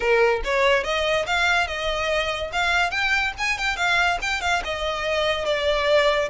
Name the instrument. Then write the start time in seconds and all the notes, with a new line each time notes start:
violin
0.00 A#4
0.44 C#5
0.83 D#5
1.26 F5
1.67 D#5
2.52 F5
2.90 G5
3.37 G#5
3.58 G5
3.76 F5
4.21 G5
4.41 F5
4.64 D#5
5.45 D5